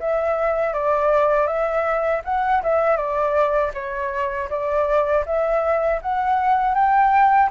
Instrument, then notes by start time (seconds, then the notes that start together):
flute
0.00 E5
0.73 D5
1.47 E5
2.25 F#5
2.63 E5
2.97 D5
3.74 C#5
4.50 D5
5.26 E5
6.02 F#5
6.74 G5